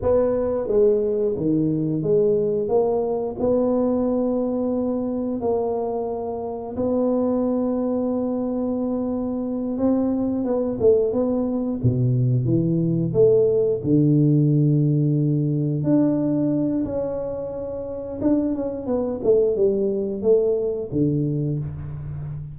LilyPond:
\new Staff \with { instrumentName = "tuba" } { \time 4/4 \tempo 4 = 89 b4 gis4 dis4 gis4 | ais4 b2. | ais2 b2~ | b2~ b8 c'4 b8 |
a8 b4 b,4 e4 a8~ | a8 d2. d'8~ | d'4 cis'2 d'8 cis'8 | b8 a8 g4 a4 d4 | }